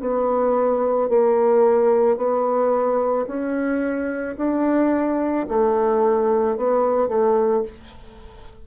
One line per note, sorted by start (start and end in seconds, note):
0.00 1.09 B3
1.09 2.17 A#3
2.17 3.26 B3
3.27 4.36 C#4
4.38 5.47 D4
5.49 6.57 A3
6.57 7.09 B3
7.09 7.63 A3